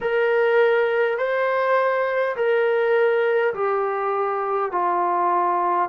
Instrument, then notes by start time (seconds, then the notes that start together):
trombone
0.01 A#4
1.18 C5
2.35 A#4
3.53 G4
4.71 F4